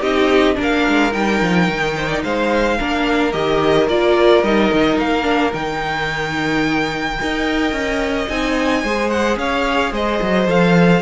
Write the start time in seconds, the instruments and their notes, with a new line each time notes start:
0.00 cello C4, viola D#4, violin G4 D#5
0.55 cello A#3, viola D4, violin A#4
0.62 violin F5
0.88 cello G#3
1.12 cello G3, viola D#4, violin G5
1.41 cello F3
1.68 cello D#3
1.97 violin C5
2.08 violin D5
2.23 cello G#3, violin C5 F5
2.78 cello A#3, viola D4, violin A#4
3.32 cello D#3, viola G4, violin D#5
3.88 cello A#3, viola F4, violin D5
4.43 cello G3, viola D#4, violin D#5
4.72 cello D#3
4.98 cello A#3, violin F5
5.22 viola D4
5.53 cello D#3, viola D#4, violin G5
7.20 cello D#4, viola A#4, violin D#5
7.72 cello C#4
8.28 cello C4, viola D#4, violin G#5
8.83 cello G#3, viola G#4, violin C5
9.09 violin F#5
9.36 cello C#4, violin C#5 F5
9.92 cello G#3, violin C5 D#5
10.21 cello F#3
10.47 cello F3, viola A4, violin F5